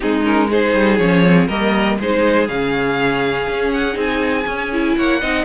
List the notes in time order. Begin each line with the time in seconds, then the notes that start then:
0.00 G#3 C4 D#4 G#4
0.22 C#4 A#4
0.49 D#4 G#4 C5
0.74 G3
0.97 F3 C#4 C#5
1.25 C4
1.47 G3 A#3 A#4 D#5
1.98 G#3 D#4 G#4 C5
2.46 C#3 C#4 F5
3.48 C#4
3.73 F#5
3.93 C4 D#4
4.00 G#5
4.46 C#4
4.72 E4
4.97 A#3 C#5 F#5
5.20 C4 D#4 D#5